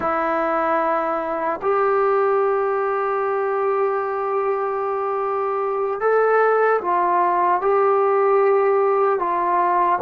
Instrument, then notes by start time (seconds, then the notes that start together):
trombone
0.00 E4
1.61 G4
6.00 A4
6.81 F4
7.61 G4
9.19 F4